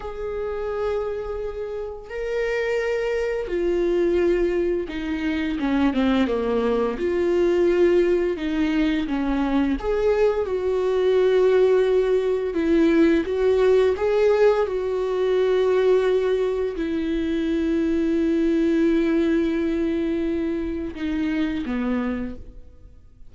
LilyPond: \new Staff \with { instrumentName = "viola" } { \time 4/4 \tempo 4 = 86 gis'2. ais'4~ | ais'4 f'2 dis'4 | cis'8 c'8 ais4 f'2 | dis'4 cis'4 gis'4 fis'4~ |
fis'2 e'4 fis'4 | gis'4 fis'2. | e'1~ | e'2 dis'4 b4 | }